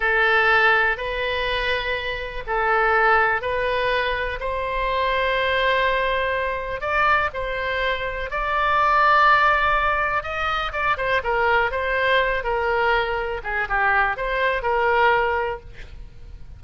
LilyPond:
\new Staff \with { instrumentName = "oboe" } { \time 4/4 \tempo 4 = 123 a'2 b'2~ | b'4 a'2 b'4~ | b'4 c''2.~ | c''2 d''4 c''4~ |
c''4 d''2.~ | d''4 dis''4 d''8 c''8 ais'4 | c''4. ais'2 gis'8 | g'4 c''4 ais'2 | }